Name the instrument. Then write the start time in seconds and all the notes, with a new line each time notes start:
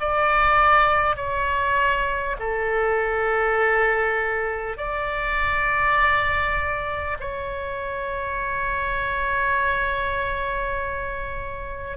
oboe
0.00 D5
1.16 C#5
2.39 A4
4.77 D5
7.20 C#5